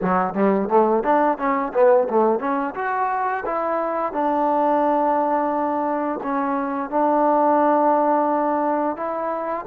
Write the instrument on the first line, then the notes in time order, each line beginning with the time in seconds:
trombone
0.01 F#3
0.34 G3
0.69 A3
1.03 D4
1.38 C#4
1.73 B3
2.09 A3
2.39 C#4
2.75 F#4
3.45 E4
4.12 D4
6.23 C#4
6.90 D4
8.96 E4